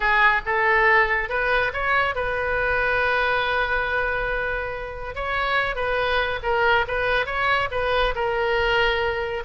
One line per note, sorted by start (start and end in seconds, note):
0.00 0.41 G#4
0.45 1.29 A4
1.29 1.71 B4
1.73 2.15 C#5
2.15 5.15 B4
5.15 5.75 C#5
5.75 6.39 B4
6.42 6.85 A#4
6.87 7.26 B4
7.26 7.69 C#5
7.71 8.14 B4
8.15 9.43 A#4